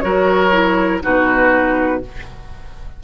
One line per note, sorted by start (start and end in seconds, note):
0.00 1.02 F#3
0.00 0.51 F#4
0.00 1.02 A#4
0.00 0.98 C#5
0.51 1.00 E4
1.02 2.03 B2
1.02 2.00 D#4
1.02 2.01 F#4
1.02 2.02 B4